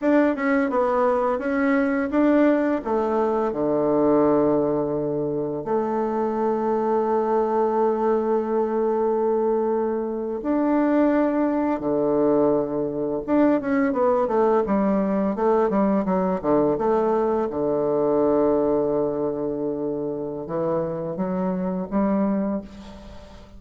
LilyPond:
\new Staff \with { instrumentName = "bassoon" } { \time 4/4 \tempo 4 = 85 d'8 cis'8 b4 cis'4 d'4 | a4 d2. | a1~ | a2~ a8. d'4~ d'16~ |
d'8. d2 d'8 cis'8 b16~ | b16 a8 g4 a8 g8 fis8 d8 a16~ | a8. d2.~ d16~ | d4 e4 fis4 g4 | }